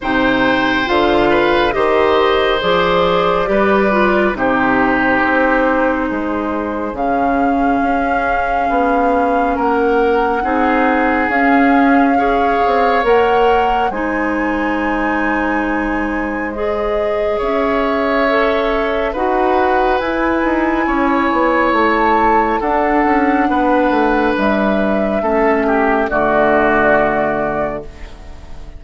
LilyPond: <<
  \new Staff \with { instrumentName = "flute" } { \time 4/4 \tempo 4 = 69 g''4 f''4 dis''4 d''4~ | d''4 c''2. | f''2. fis''4~ | fis''4 f''2 fis''4 |
gis''2. dis''4 | e''2 fis''4 gis''4~ | gis''4 a''4 fis''2 | e''2 d''2 | }
  \new Staff \with { instrumentName = "oboe" } { \time 4/4 c''4. b'8 c''2 | b'4 g'2 gis'4~ | gis'2. ais'4 | gis'2 cis''2 |
c''1 | cis''2 b'2 | cis''2 a'4 b'4~ | b'4 a'8 g'8 fis'2 | }
  \new Staff \with { instrumentName = "clarinet" } { \time 4/4 dis'4 f'4 g'4 gis'4 | g'8 f'8 dis'2. | cis'1 | dis'4 cis'4 gis'4 ais'4 |
dis'2. gis'4~ | gis'4 a'4 fis'4 e'4~ | e'2 d'2~ | d'4 cis'4 a2 | }
  \new Staff \with { instrumentName = "bassoon" } { \time 4/4 c4 d4 dis4 f4 | g4 c4 c'4 gis4 | cis4 cis'4 b4 ais4 | c'4 cis'4. c'8 ais4 |
gis1 | cis'2 dis'4 e'8 dis'8 | cis'8 b8 a4 d'8 cis'8 b8 a8 | g4 a4 d2 | }
>>